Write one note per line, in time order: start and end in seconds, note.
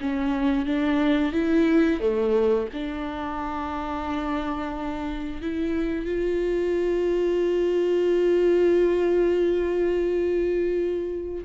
0.00 0.65 C#4
0.65 1.33 D4
1.33 2.00 E4
2.00 2.68 A3
2.73 5.41 D4
5.41 6.05 E4
6.05 11.44 F4